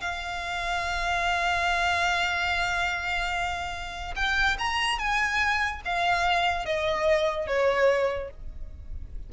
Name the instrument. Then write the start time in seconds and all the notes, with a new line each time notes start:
violin
0.00 F5
4.15 G5
4.58 A#5
4.98 G#5
5.85 F5
6.65 D#5
7.47 C#5